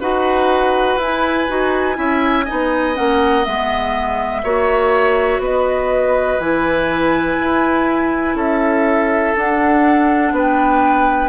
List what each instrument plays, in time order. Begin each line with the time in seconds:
0.00 bassoon D#4, clarinet F#4, oboe B4, flute F#5
0.96 bassoon E4, clarinet E4, flute G#5
1.48 bassoon D#4, clarinet F#4
1.94 bassoon C#4, clarinet E4, oboe E5
2.45 bassoon B3, clarinet D#4, oboe D#5
2.94 bassoon A#3, clarinet C#4, flute F#5
3.44 bassoon G#3, clarinet B3, flute E5
4.43 bassoon A#3, clarinet F#4, oboe C#5
5.39 bassoon B3, oboe B4, flute D#5
6.39 bassoon E3, clarinet E4, flute G#5
7.39 bassoon E4
8.35 bassoon C#4, oboe A4, flute E5
9.36 clarinet D4, bassoon D4, flute F#5
10.32 bassoon B3, oboe B4, flute G5